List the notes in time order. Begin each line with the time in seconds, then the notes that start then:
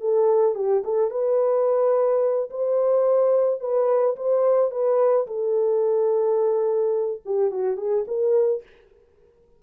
0.00 A4
0.55 G4
0.84 A4
1.10 B4
2.50 C5
3.60 B4
4.16 C5
4.71 B4
5.27 A4
7.25 G4
7.51 F#4
7.77 G#4
8.07 A#4